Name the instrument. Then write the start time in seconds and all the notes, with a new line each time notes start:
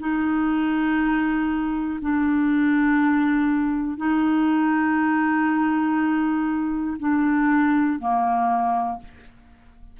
clarinet
0.00 D#4
2.01 D4
3.98 D#4
6.99 D4
8.00 A#3